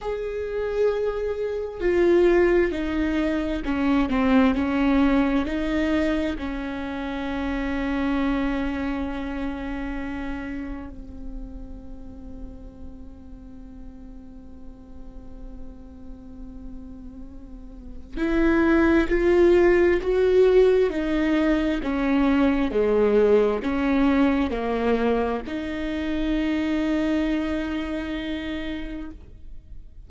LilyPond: \new Staff \with { instrumentName = "viola" } { \time 4/4 \tempo 4 = 66 gis'2 f'4 dis'4 | cis'8 c'8 cis'4 dis'4 cis'4~ | cis'1 | c'1~ |
c'1 | e'4 f'4 fis'4 dis'4 | cis'4 gis4 cis'4 ais4 | dis'1 | }